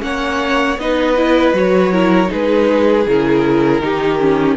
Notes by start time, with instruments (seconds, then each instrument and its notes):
0.00 cello A#3, viola C#4, violin C#5 F#5
0.77 cello B3, viola D#4, violin B4 D#5
1.16 viola E4
1.53 cello F#3, viola F#4, violin C#5
1.92 viola E4, violin A#4
2.27 cello G#3, viola D#4, violin G#4 B4
3.06 cello C#3, viola E4, violin A#4
3.80 cello D#3, viola D#4, violin G4
4.19 viola C#4